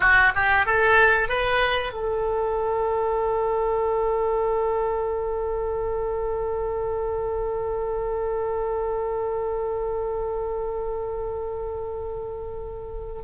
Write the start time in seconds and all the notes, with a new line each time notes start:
0.00 F#4
0.35 G4
0.66 A4
1.28 B4
1.92 A4